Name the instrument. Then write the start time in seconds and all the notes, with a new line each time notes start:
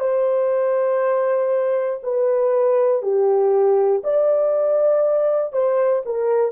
horn
0.00 C5
2.03 B4
3.02 G4
4.04 D5
5.53 C5
6.05 A#4